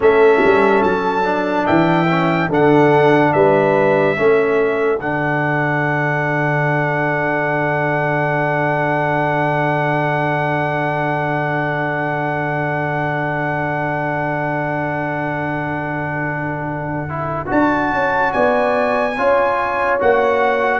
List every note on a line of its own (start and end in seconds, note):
0.00 0.42 A3
0.00 1.23 C#4
0.00 1.65 A4
0.00 0.82 E5
0.44 0.83 G3
0.82 1.66 F#3
0.82 1.66 A5
1.23 2.07 D4
1.65 2.48 E3
1.65 2.48 E5
1.65 2.49 G5
2.09 2.50 C#4
2.48 3.32 D3
2.48 4.16 D4
2.48 3.32 A4
2.48 3.32 F#5
3.32 4.17 G3
3.32 4.18 B4
3.32 4.99 E5
4.16 4.99 A3
4.16 4.99 C#4
4.16 18.32 A4
4.99 17.49 D3
4.99 17.09 D4
4.99 17.49 F#5
17.09 17.45 E4
17.45 17.91 D4
17.45 19.12 F#4
17.45 18.32 A5
17.91 18.33 C#4
18.32 19.17 B3
18.32 19.16 D5
18.32 19.99 G#5
19.17 20.00 C#4
19.17 19.99 F4
19.17 20.80 C#5
19.99 20.80 A#3
19.99 20.80 F#4
19.99 20.80 F#5